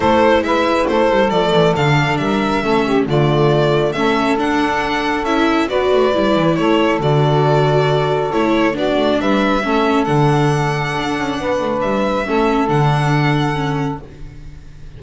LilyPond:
<<
  \new Staff \with { instrumentName = "violin" } { \time 4/4 \tempo 4 = 137 c''4 e''4 c''4 d''4 | f''4 e''2 d''4~ | d''4 e''4 fis''2 | e''4 d''2 cis''4 |
d''2. cis''4 | d''4 e''2 fis''4~ | fis''2. e''4~ | e''4 fis''2. | }
  \new Staff \with { instrumentName = "saxophone" } { \time 4/4 a'4 b'4 a'2~ | a'4 ais'4 a'8 g'8 f'4~ | f'4 a'2.~ | a'4 b'2 a'4~ |
a'1 | fis'4 b'4 a'2~ | a'2 b'2 | a'1 | }
  \new Staff \with { instrumentName = "viola" } { \time 4/4 e'2. a4 | d'2 cis'4 a4~ | a4 cis'4 d'2 | e'4 fis'4 e'2 |
fis'2. e'4 | d'2 cis'4 d'4~ | d'1 | cis'4 d'2 cis'4 | }
  \new Staff \with { instrumentName = "double bass" } { \time 4/4 a4 gis4 a8 g8 f8 e8 | d4 g4 a4 d4~ | d4 a4 d'2 | cis'4 b8 a8 g8 e8 a4 |
d2. a4 | b8 a8 g4 a4 d4~ | d4 d'8 cis'8 b8 a8 g4 | a4 d2. | }
>>